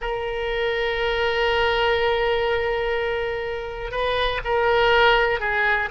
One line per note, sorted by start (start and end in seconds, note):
0.01 3.91 A#4
3.91 4.40 B4
4.44 5.40 A#4
5.40 5.89 G#4